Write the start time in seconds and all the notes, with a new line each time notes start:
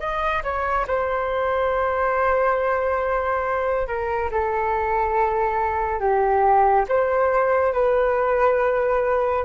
0.00 D#5
0.44 C#5
0.88 C5
3.88 A#4
4.31 A4
6.00 G4
6.89 C5
7.73 B4